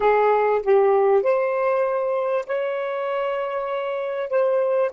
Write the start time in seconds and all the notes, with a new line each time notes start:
0.00 G#4
0.62 G4
1.22 C5
2.46 C#5
4.29 C5